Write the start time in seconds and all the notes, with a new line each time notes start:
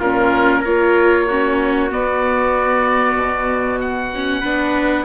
0.00 A#2 C#4 F4 A#4
0.61 A#3 F4 A#4 C#5
1.27 C#4 F#4
1.91 B3 D5
3.16 B2
3.81 F#5
4.15 C#4
4.41 B3 D4 B4